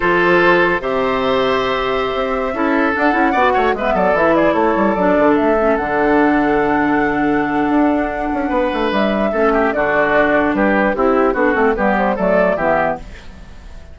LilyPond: <<
  \new Staff \with { instrumentName = "flute" } { \time 4/4 \tempo 4 = 148 c''2 e''2~ | e''2.~ e''16 fis''8.~ | fis''4~ fis''16 e''8 d''8 e''8 d''8 cis''8.~ | cis''16 d''4 e''4 fis''4.~ fis''16~ |
fis''1~ | fis''2 e''2 | d''2 b'4 g'4 | a'4 b'8 c''8 d''4 e''4 | }
  \new Staff \with { instrumentName = "oboe" } { \time 4/4 a'2 c''2~ | c''2~ c''16 a'4.~ a'16~ | a'16 d''8 cis''8 b'8 a'4 gis'8 a'8.~ | a'1~ |
a'1~ | a'4 b'2 a'8 g'8 | fis'2 g'4 e'4 | fis'4 g'4 a'4 g'4 | }
  \new Staff \with { instrumentName = "clarinet" } { \time 4/4 f'2 g'2~ | g'2~ g'16 e'4 d'8 e'16~ | e'16 fis'4 b4 e'4.~ e'16~ | e'16 d'4. cis'8 d'4.~ d'16~ |
d'1~ | d'2. cis'4 | d'2. e'4 | d'8 c'8 b4 a4 b4 | }
  \new Staff \with { instrumentName = "bassoon" } { \time 4/4 f2 c2~ | c4~ c16 c'4 cis'4 d'8 cis'16~ | cis'16 b8 a8 gis8 fis8 e4 a8 g16~ | g16 fis8 d8 a4 d4.~ d16~ |
d2. d'4~ | d'8 cis'8 b8 a8 g4 a4 | d2 g4 c'4 | b8 a8 g4 fis4 e4 | }
>>